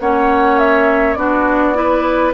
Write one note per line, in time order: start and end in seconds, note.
0.00 1.16 A#3
0.00 1.17 C#4
0.00 1.19 C#5
0.00 0.59 F#5
0.59 1.14 E5
1.14 2.34 B3
1.14 1.75 D4
1.14 1.77 F#4
1.14 2.32 D5
1.75 2.33 E4
1.75 2.34 B4